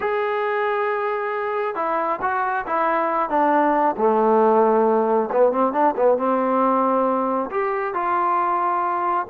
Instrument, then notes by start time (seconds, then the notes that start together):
trombone
0.00 G#4
1.75 E4
2.21 F#4
2.66 E4
3.29 D4
3.97 A3
5.32 B3
5.51 C4
5.72 D4
5.96 B3
6.17 C4
7.50 G4
7.94 F4